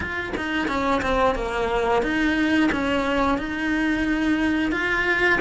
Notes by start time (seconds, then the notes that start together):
0.00 F4
0.36 D#4
0.67 C#4
1.01 C4
1.35 A#3
2.02 D#4
2.72 C#4
3.38 D#4
4.71 F4